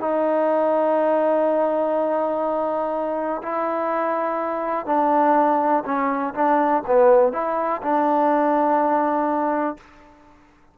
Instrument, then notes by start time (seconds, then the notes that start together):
trombone
0.00 D#4
3.42 E4
4.86 D4
5.85 C#4
6.34 D4
6.86 B3
7.32 E4
7.82 D4